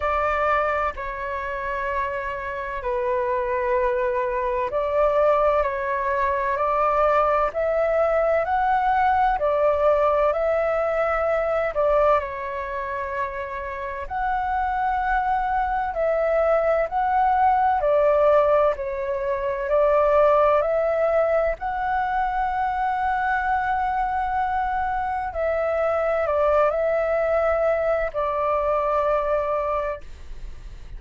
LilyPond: \new Staff \with { instrumentName = "flute" } { \time 4/4 \tempo 4 = 64 d''4 cis''2 b'4~ | b'4 d''4 cis''4 d''4 | e''4 fis''4 d''4 e''4~ | e''8 d''8 cis''2 fis''4~ |
fis''4 e''4 fis''4 d''4 | cis''4 d''4 e''4 fis''4~ | fis''2. e''4 | d''8 e''4. d''2 | }